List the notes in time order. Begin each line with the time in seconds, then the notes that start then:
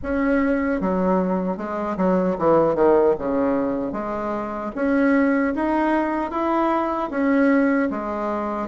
0.02 C#4
0.81 F#3
1.57 G#3
1.97 F#3
2.38 E3
2.75 D#3
3.18 C#3
3.92 G#3
4.75 C#4
5.55 D#4
6.31 E4
7.10 C#4
7.90 G#3